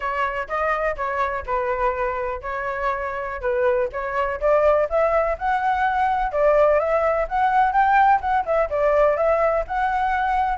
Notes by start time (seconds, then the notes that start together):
0.00 C#5
0.48 D#5
0.96 C#5
1.45 B4
2.41 C#5
3.41 B4
3.92 C#5
4.40 D5
4.89 E5
5.38 F#5
6.32 D5
6.79 E5
7.28 F#5
7.72 G5
8.20 F#5
8.45 E5
8.69 D5
9.16 E5
9.67 F#5